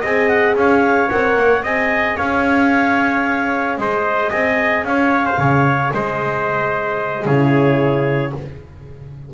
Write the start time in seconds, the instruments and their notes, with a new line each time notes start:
0.00 double bass C4, horn G#4, trumpet D#5, clarinet G#5
0.28 clarinet F#5
0.55 double bass C#4, trumpet C#5, clarinet F5
1.10 double bass C4, horn A#4, clarinet F#5
1.36 double bass A#3
1.63 double bass C4, horn G#4, trumpet D#5, clarinet G#5
2.17 double bass C#4, trumpet C#5, clarinet F5
3.78 double bass G#3, trumpet C5, clarinet D#5
4.30 double bass C4, trumpet D#5, clarinet G#5
4.84 double bass C#4, trumpet C#5, clarinet F5
5.26 trumpet C5
5.38 double bass C#3, trumpet C#5
5.93 double bass G#3, trumpet C5, clarinet D#5
7.25 double bass C#3, horn E4, trumpet G#4, clarinet C#5